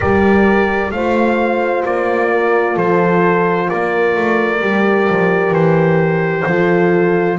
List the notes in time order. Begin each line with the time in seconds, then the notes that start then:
0.00 G3 G4 A#4 D5
0.91 A3 F4 C5 F5
1.85 A#3 D5
2.30 A#4
2.74 F3 A4 C5
3.69 A#3 A#4 D5
4.15 A3
4.60 G3 G4
5.09 F3
5.51 E3 C5
6.46 F3 F4 A4